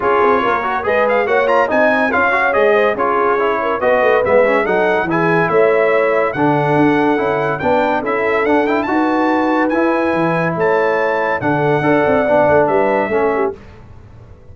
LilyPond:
<<
  \new Staff \with { instrumentName = "trumpet" } { \time 4/4 \tempo 4 = 142 cis''2 dis''8 f''8 fis''8 ais''8 | gis''4 f''4 dis''4 cis''4~ | cis''4 dis''4 e''4 fis''4 | gis''4 e''2 fis''4~ |
fis''2 g''4 e''4 | fis''8 g''8 a''2 gis''4~ | gis''4 a''2 fis''4~ | fis''2 e''2 | }
  \new Staff \with { instrumentName = "horn" } { \time 4/4 gis'4 ais'4 b'4 cis''4 | dis''4 cis''4. c''8 gis'4~ | gis'8 ais'8 b'2 a'4 | gis'4 cis''2 a'4~ |
a'2 b'4 a'4~ | a'4 b'2.~ | b'4 cis''2 a'4 | d''2 b'4 a'8 g'8 | }
  \new Staff \with { instrumentName = "trombone" } { \time 4/4 f'4. fis'8 gis'4 fis'8 f'8 | dis'4 f'8 fis'8 gis'4 f'4 | e'4 fis'4 b8 cis'8 dis'4 | e'2. d'4~ |
d'4 e'4 d'4 e'4 | d'8 e'8 fis'2 e'4~ | e'2. d'4 | a'4 d'2 cis'4 | }
  \new Staff \with { instrumentName = "tuba" } { \time 4/4 cis'8 c'8 ais4 gis4 ais4 | c'4 cis'4 gis4 cis'4~ | cis'4 b8 a8 gis4 fis4 | e4 a2 d4 |
d'4 cis'4 b4 cis'4 | d'4 dis'2 e'4 | e4 a2 d4 | d'8 c'8 b8 a8 g4 a4 | }
>>